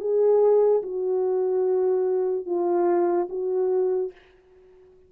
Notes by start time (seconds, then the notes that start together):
0.00 G#4
0.82 F#4
2.45 F4
3.29 F#4